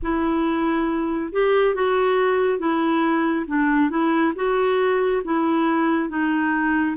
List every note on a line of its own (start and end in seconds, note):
0.02 1.32 E4
1.32 1.74 G4
1.74 2.58 F#4
2.58 3.45 E4
3.47 3.89 D4
3.89 4.33 E4
4.35 5.22 F#4
5.24 6.09 E4
6.09 6.96 D#4